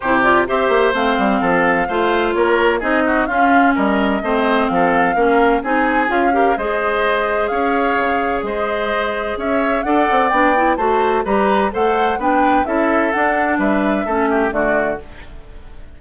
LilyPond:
<<
  \new Staff \with { instrumentName = "flute" } { \time 4/4 \tempo 4 = 128 c''8 d''8 e''4 f''2~ | f''4 cis''4 dis''4 f''4 | dis''2 f''2 | gis''4 f''4 dis''2 |
f''2 dis''2 | e''4 fis''4 g''4 a''4 | ais''4 fis''4 g''4 e''4 | fis''4 e''2 d''4 | }
  \new Staff \with { instrumentName = "oboe" } { \time 4/4 g'4 c''2 a'4 | c''4 ais'4 gis'8 fis'8 f'4 | ais'4 c''4 a'4 ais'4 | gis'4. ais'8 c''2 |
cis''2 c''2 | cis''4 d''2 c''4 | b'4 c''4 b'4 a'4~ | a'4 b'4 a'8 g'8 fis'4 | }
  \new Staff \with { instrumentName = "clarinet" } { \time 4/4 e'8 f'8 g'4 c'2 | f'2 dis'4 cis'4~ | cis'4 c'2 cis'4 | dis'4 f'8 g'8 gis'2~ |
gis'1~ | gis'4 a'4 d'8 e'8 fis'4 | g'4 a'4 d'4 e'4 | d'2 cis'4 a4 | }
  \new Staff \with { instrumentName = "bassoon" } { \time 4/4 c4 c'8 ais8 a8 g8 f4 | a4 ais4 c'4 cis'4 | g4 a4 f4 ais4 | c'4 cis'4 gis2 |
cis'4 cis4 gis2 | cis'4 d'8 c'8 b4 a4 | g4 a4 b4 cis'4 | d'4 g4 a4 d4 | }
>>